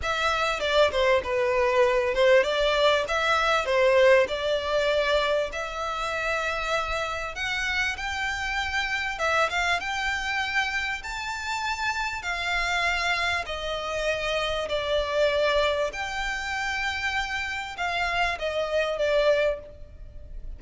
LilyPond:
\new Staff \with { instrumentName = "violin" } { \time 4/4 \tempo 4 = 98 e''4 d''8 c''8 b'4. c''8 | d''4 e''4 c''4 d''4~ | d''4 e''2. | fis''4 g''2 e''8 f''8 |
g''2 a''2 | f''2 dis''2 | d''2 g''2~ | g''4 f''4 dis''4 d''4 | }